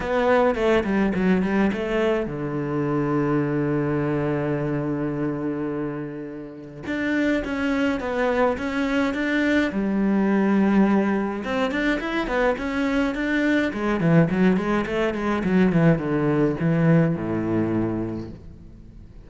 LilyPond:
\new Staff \with { instrumentName = "cello" } { \time 4/4 \tempo 4 = 105 b4 a8 g8 fis8 g8 a4 | d1~ | d1 | d'4 cis'4 b4 cis'4 |
d'4 g2. | c'8 d'8 e'8 b8 cis'4 d'4 | gis8 e8 fis8 gis8 a8 gis8 fis8 e8 | d4 e4 a,2 | }